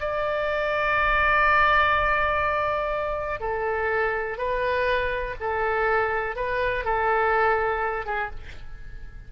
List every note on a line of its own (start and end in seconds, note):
0.00 3.40 D5
3.40 4.38 A4
4.38 5.35 B4
5.40 6.36 A4
6.36 6.85 B4
6.85 8.06 A4
8.06 8.30 G#4